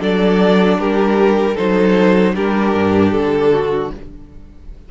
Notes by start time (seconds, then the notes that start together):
0.00 F#3 D4 A4 D5
0.79 G3 G4 A#4
1.55 F#3 D#4 A4 C5
2.35 G3 D4 G4 A#4
2.75 G2
3.12 D3 A4
3.53 F#4